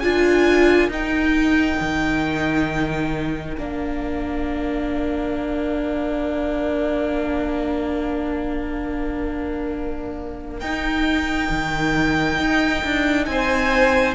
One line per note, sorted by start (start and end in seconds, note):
0.00 0.88 D4
0.00 0.91 F4
0.00 13.27 A#4
0.00 0.88 G#5
0.88 1.76 D#4
0.88 3.56 D#4
0.88 3.57 G5
1.81 3.57 D#3
3.57 10.61 A#3
3.57 10.62 D4
3.57 10.60 F5
10.60 11.49 D#4
10.60 14.15 D#4
10.60 13.25 G5
11.50 12.39 D#3
12.39 12.83 D#4
12.84 13.27 D4
13.26 14.15 C4
13.26 14.15 C5
13.26 14.14 G#5